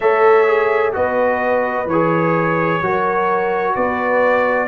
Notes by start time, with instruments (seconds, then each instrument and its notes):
0.00 tuba A3, trombone A4, horn C#5, trumpet E5
0.47 trombone G#4
0.93 tuba B3, trombone F#4, horn B4, trumpet D#5
1.85 tuba E3, trumpet C#5
1.91 trombone G#4
2.81 tuba F#3, trombone F#4, horn A#4
3.75 tuba B3, horn B4, trumpet D5